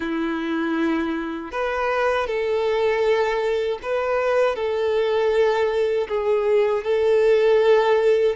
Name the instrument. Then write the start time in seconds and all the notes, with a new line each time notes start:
violin
0.00 E4
1.51 B4
2.26 A4
3.82 B4
4.55 A4
6.08 G#4
6.84 A4